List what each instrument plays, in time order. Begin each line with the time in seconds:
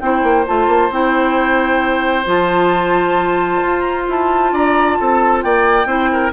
0.00 bassoon C4, clarinet E4, oboe C5, flute G5
0.23 bassoon A#3
0.46 bassoon A3, clarinet F4, flute A5
0.67 bassoon A#3
0.90 bassoon C4, clarinet E4, flute G5
2.25 bassoon F3, clarinet F4, flute A5
3.62 bassoon F4
3.80 flute A#5
4.08 bassoon E4, flute A5
4.52 bassoon D4, oboe D5, flute A#5
4.93 flute A5
5.00 bassoon C4, oboe A4
5.42 bassoon A#3, oboe D5, flute G5
5.85 bassoon C4, clarinet E4, oboe C5
6.12 oboe A#4